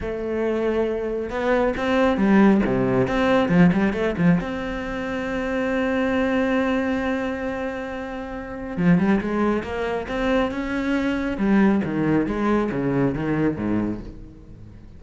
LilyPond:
\new Staff \with { instrumentName = "cello" } { \time 4/4 \tempo 4 = 137 a2. b4 | c'4 g4 c4 c'4 | f8 g8 a8 f8 c'2~ | c'1~ |
c'1 | f8 g8 gis4 ais4 c'4 | cis'2 g4 dis4 | gis4 cis4 dis4 gis,4 | }